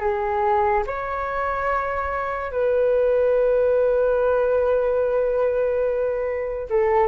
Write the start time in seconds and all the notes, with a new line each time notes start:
0.00 G#4
0.86 C#5
2.51 B4
6.69 A4